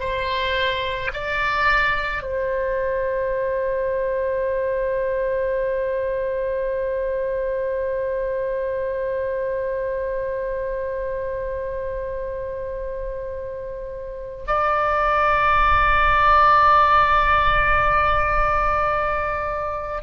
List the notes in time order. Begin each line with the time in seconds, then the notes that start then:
0.00 C5
1.14 D5
2.23 C5
14.47 D5